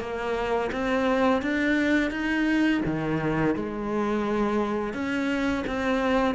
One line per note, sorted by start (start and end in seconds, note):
0.00 0.71 A#3
0.72 1.42 C4
1.42 2.11 D4
2.11 2.81 D#4
2.86 3.56 D#3
3.56 4.93 G#3
4.93 5.64 C#4
5.67 6.35 C4